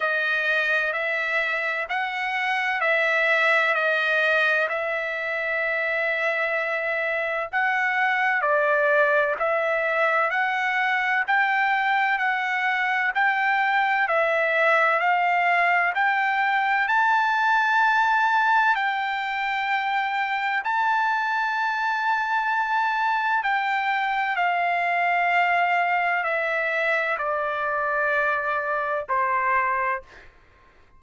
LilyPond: \new Staff \with { instrumentName = "trumpet" } { \time 4/4 \tempo 4 = 64 dis''4 e''4 fis''4 e''4 | dis''4 e''2. | fis''4 d''4 e''4 fis''4 | g''4 fis''4 g''4 e''4 |
f''4 g''4 a''2 | g''2 a''2~ | a''4 g''4 f''2 | e''4 d''2 c''4 | }